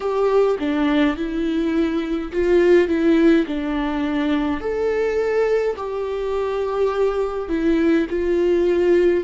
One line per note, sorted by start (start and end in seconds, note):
0.00 0.57 G4
0.59 1.16 D4
1.16 2.31 E4
2.32 2.87 F4
2.87 3.45 E4
3.46 4.60 D4
4.60 5.75 A4
5.76 7.48 G4
7.48 8.06 E4
8.09 9.24 F4